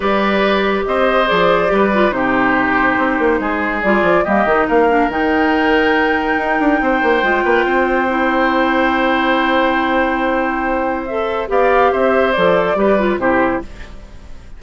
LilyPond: <<
  \new Staff \with { instrumentName = "flute" } { \time 4/4 \tempo 4 = 141 d''2 dis''4 d''4~ | d''4 c''2.~ | c''4 d''4 dis''4 f''4 | g''1~ |
g''1~ | g''1~ | g''2 e''4 f''4 | e''4 d''2 c''4 | }
  \new Staff \with { instrumentName = "oboe" } { \time 4/4 b'2 c''2 | b'4 g'2. | gis'2 g'4 ais'4~ | ais'1 |
c''4. b'8 c''2~ | c''1~ | c''2. d''4 | c''2 b'4 g'4 | }
  \new Staff \with { instrumentName = "clarinet" } { \time 4/4 g'2. gis'4 | g'8 f'8 dis'2.~ | dis'4 f'4 ais8 dis'4 d'8 | dis'1~ |
dis'4 f'2 e'4~ | e'1~ | e'2 a'4 g'4~ | g'4 a'4 g'8 f'8 e'4 | }
  \new Staff \with { instrumentName = "bassoon" } { \time 4/4 g2 c'4 f4 | g4 c2 c'8 ais8 | gis4 g8 f8 g8 dis8 ais4 | dis2. dis'8 d'8 |
c'8 ais8 gis8 ais8 c'2~ | c'1~ | c'2. b4 | c'4 f4 g4 c4 | }
>>